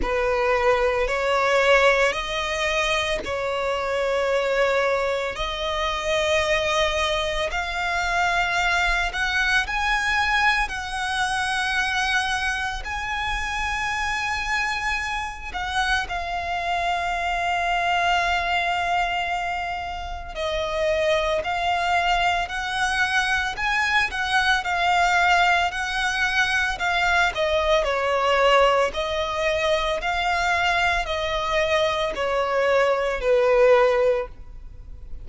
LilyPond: \new Staff \with { instrumentName = "violin" } { \time 4/4 \tempo 4 = 56 b'4 cis''4 dis''4 cis''4~ | cis''4 dis''2 f''4~ | f''8 fis''8 gis''4 fis''2 | gis''2~ gis''8 fis''8 f''4~ |
f''2. dis''4 | f''4 fis''4 gis''8 fis''8 f''4 | fis''4 f''8 dis''8 cis''4 dis''4 | f''4 dis''4 cis''4 b'4 | }